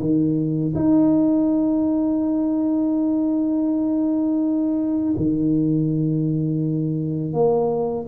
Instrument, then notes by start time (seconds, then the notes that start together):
tuba
0.00 D#3
0.75 D#4
5.17 D#3
7.33 A#3